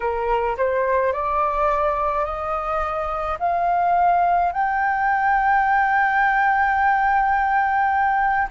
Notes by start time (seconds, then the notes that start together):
0.00 A#4
0.57 C5
1.12 D5
2.24 D#5
3.39 F5
4.51 G5